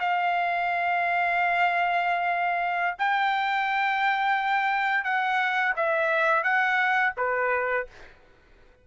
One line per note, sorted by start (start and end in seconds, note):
0.00 2.97 F5
2.99 5.04 G5
5.04 5.74 F#5
5.77 6.43 E5
6.43 7.13 F#5
7.17 7.87 B4